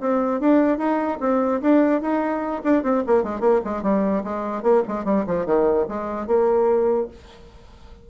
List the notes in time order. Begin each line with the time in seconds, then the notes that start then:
0.00 C4
0.40 D4
0.77 D#4
1.20 C4
1.61 D4
2.01 D#4
2.64 D4
2.83 C4
3.06 A#3
3.23 G#3
3.40 A#3
3.64 G#3
3.82 G3
4.23 G#3
4.62 A#3
4.87 G#3
5.04 G3
5.26 F3
5.46 D#3
5.88 G#3
6.27 A#3